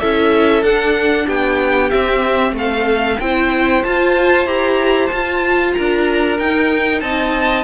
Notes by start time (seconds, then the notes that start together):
0.00 C#4 E4 A4 E5
0.63 D4 F#5
1.27 B3 G4 G5
1.90 C4 E5
2.53 A3 A4 F5
3.20 C4 E4 C5 G5
3.84 F4 A5
4.47 E4 G4 A#5
5.08 F4 A5
5.74 D4 A#4 A#5
6.39 D#4 G5
7.01 C4 D#5 A5